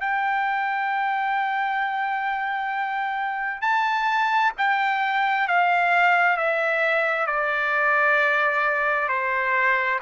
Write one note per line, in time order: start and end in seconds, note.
0.00 3.61 G5
3.61 4.52 A5
4.57 5.47 G5
5.47 6.37 F5
6.37 7.26 E5
7.26 9.08 D5
9.08 9.99 C5